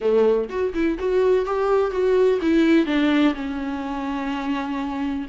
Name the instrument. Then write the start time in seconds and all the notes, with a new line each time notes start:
viola
0.00 A3
0.49 F#4
0.74 E4
0.98 F#4
1.45 G4
1.91 F#4
2.41 E4
2.86 D4
3.34 C#4